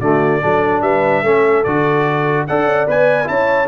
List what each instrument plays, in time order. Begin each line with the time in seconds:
0.00 tuba D3, trombone A3, horn F#4, trumpet D5
0.41 tuba F#3, trombone D4, horn A4
0.81 tuba G3, horn B4, trumpet E5
1.22 tuba A3, trombone C#4, horn A4
1.64 tuba D3, trombone F#4, trumpet D5
2.47 tuba D4, trombone A4, horn D5, trumpet F#5
2.65 tuba C#4
2.87 tuba B3, trombone B4, trumpet G#5
3.24 tuba C#4, trombone E4, horn C#5, trumpet A5